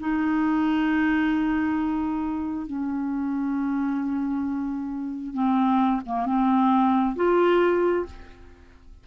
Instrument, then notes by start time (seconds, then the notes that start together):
clarinet
0.00 D#4
2.67 C#4
5.34 C4
6.06 A#3
6.26 C4
7.16 F4